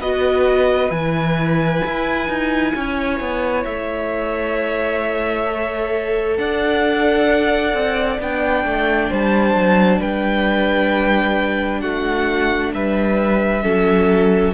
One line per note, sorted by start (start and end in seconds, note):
0.00 0.90 B3
0.00 0.92 F#4
0.00 2.73 B4
0.00 0.91 D#5
0.90 1.81 E3
0.90 5.46 E4
0.90 3.63 G#5
1.85 2.28 E4
2.28 2.73 D#4
2.74 3.20 C#4
2.74 6.38 C#5
3.20 3.65 B3
3.65 6.37 A3
3.65 6.37 E5
5.46 8.19 A4
6.37 7.73 D4
6.37 9.09 D5
6.37 8.19 F#5
7.73 8.19 C4
8.19 8.65 B3
8.19 13.62 D4
8.19 9.13 G5
8.65 9.10 A3
9.09 9.55 G3
9.09 9.99 C5
9.09 10.02 A5
9.55 10.00 F#3
9.99 11.83 G3
9.99 11.80 B4
9.99 11.80 G5
11.80 12.73 A3
11.80 12.71 F#4
11.80 12.71 F#5
12.73 13.63 G3
12.73 13.63 B4
12.73 14.54 E5
13.62 14.54 F#3
13.62 14.53 C#4
13.62 14.54 A4